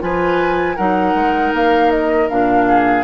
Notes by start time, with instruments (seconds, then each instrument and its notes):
0.00 bassoon F3, clarinet F4, oboe B4, flute G#5
0.76 bassoon F#3, clarinet D#4, oboe A#4, flute F#5
1.15 bassoon G#3
1.54 bassoon A#3, flute F5
1.91 flute D#5
2.30 bassoon A#2, clarinet D4, flute F5
2.68 oboe G#4